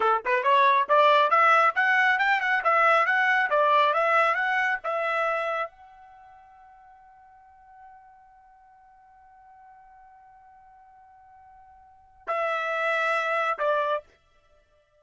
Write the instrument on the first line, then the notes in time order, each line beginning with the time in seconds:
trumpet
0.00 A4
0.25 B4
0.43 C#5
0.89 D5
1.30 E5
1.75 F#5
2.19 G5
2.40 F#5
2.63 E5
3.06 F#5
3.50 D5
3.93 E5
4.34 F#5
4.83 E5
5.70 F#5
12.27 E5
13.58 D5